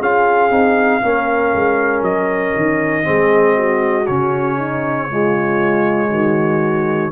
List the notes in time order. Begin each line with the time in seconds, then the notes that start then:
0.00 C#4 F4 G#4 F5
0.50 C4 D#4
1.02 A#3 C#4 A#4
1.54 G#3
2.01 F#3 D#5
2.56 D#3
3.03 G#3 C4 G#4
3.56 F#4
4.07 C#3 C#4 C#5
4.58 D#4
5.10 G#3 F4
6.10 D#3 F#4